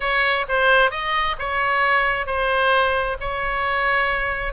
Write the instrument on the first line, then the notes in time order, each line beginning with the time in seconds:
oboe
0.00 C#5
0.48 C5
0.90 D#5
1.38 C#5
2.26 C5
3.20 C#5